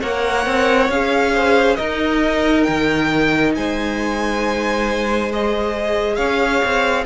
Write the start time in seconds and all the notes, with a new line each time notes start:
0.00 A#3 A#4 C#5 F#5
0.46 C4
0.89 C#4 G#4 F5
1.34 C5
1.76 D#4 A#4 D#5
2.63 D#3 G5
3.56 G#3 C5 G#5
5.33 G#4 D#5
6.16 C#4 C#5 F5
6.65 C4